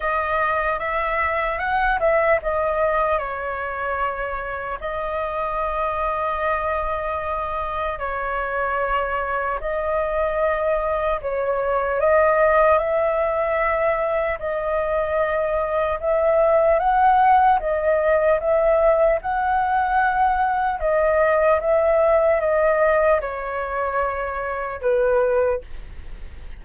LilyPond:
\new Staff \with { instrumentName = "flute" } { \time 4/4 \tempo 4 = 75 dis''4 e''4 fis''8 e''8 dis''4 | cis''2 dis''2~ | dis''2 cis''2 | dis''2 cis''4 dis''4 |
e''2 dis''2 | e''4 fis''4 dis''4 e''4 | fis''2 dis''4 e''4 | dis''4 cis''2 b'4 | }